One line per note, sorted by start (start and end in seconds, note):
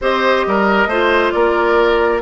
0.01 0.45 C4
0.01 0.90 G4
0.01 0.46 C5
0.01 1.31 D#5
0.47 0.86 G3
0.47 0.88 A#4
0.86 1.31 A3
0.86 2.21 F4
0.86 1.33 C5
1.31 2.21 A#3
1.31 2.21 A#4
1.31 2.20 D5